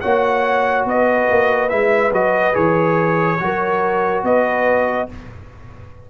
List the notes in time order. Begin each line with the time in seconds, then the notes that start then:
0.00 A#3 F#4 C#5 F#5
0.85 B3 B4 D#5
1.29 A#3
1.69 G#3 E4 E5
2.12 F#3 F#4 D#5
2.53 E3 G#4 C#5
3.39 F#3 F#4 A#4
4.23 B3 B4 D#5